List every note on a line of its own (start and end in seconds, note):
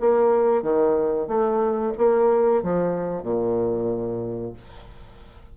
0.00 0.63 A#3
0.63 1.27 D#3
1.27 1.93 A3
1.98 2.63 A#3
2.63 3.23 F3
3.23 4.53 A#2